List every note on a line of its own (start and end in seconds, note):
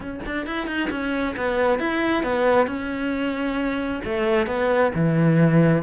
0.00 0.19 C#4
0.26 0.46 D4
0.46 0.66 E4
0.66 0.89 D#4
0.90 1.35 C#4
1.36 1.79 B3
1.79 2.23 E4
2.23 2.66 B3
2.66 4.01 C#4
4.04 4.46 A3
4.46 4.91 B3
4.95 5.82 E3